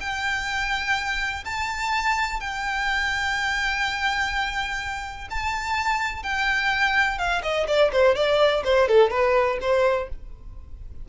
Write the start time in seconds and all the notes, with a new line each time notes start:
0.00 G5
1.45 A5
2.40 G5
5.30 A5
6.22 G5
7.18 F5
7.42 D#5
7.67 D5
7.92 C5
8.15 D5
8.64 C5
8.88 A4
9.10 B4
9.60 C5